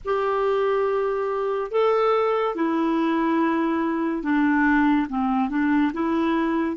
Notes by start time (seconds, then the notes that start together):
0.04 G4
1.71 A4
2.55 E4
4.23 D4
5.09 C4
5.49 D4
5.93 E4